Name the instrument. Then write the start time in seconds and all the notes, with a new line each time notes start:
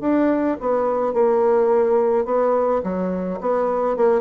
bassoon
0.00 D4
0.60 B3
1.13 A#3
2.25 B3
2.83 F#3
3.40 B3
3.97 A#3